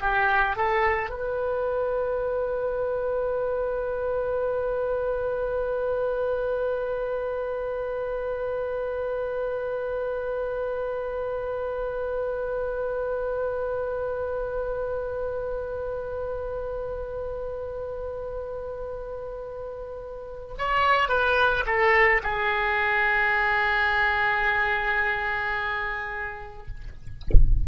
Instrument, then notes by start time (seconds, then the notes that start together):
oboe
0.00 G4
0.56 A4
1.10 B4
20.58 C#5
21.08 B4
21.66 A4
22.23 G#4